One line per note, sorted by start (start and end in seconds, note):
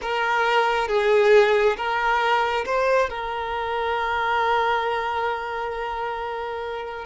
0.01 0.88 A#4
0.88 1.76 G#4
1.76 2.65 A#4
2.65 3.09 C5
3.09 7.05 A#4